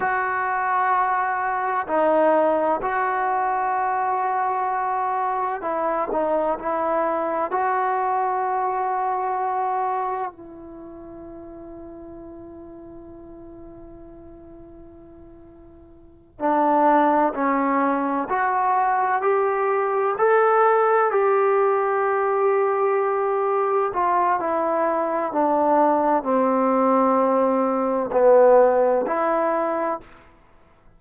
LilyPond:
\new Staff \with { instrumentName = "trombone" } { \time 4/4 \tempo 4 = 64 fis'2 dis'4 fis'4~ | fis'2 e'8 dis'8 e'4 | fis'2. e'4~ | e'1~ |
e'4. d'4 cis'4 fis'8~ | fis'8 g'4 a'4 g'4.~ | g'4. f'8 e'4 d'4 | c'2 b4 e'4 | }